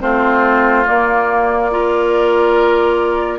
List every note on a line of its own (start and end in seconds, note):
0.00 0.86 A3
0.00 0.85 C4
0.00 1.71 F4
0.00 0.86 C5
0.86 1.70 A#3
0.86 3.39 A#3
0.86 3.39 D5
1.71 3.39 F4
1.71 3.39 A#4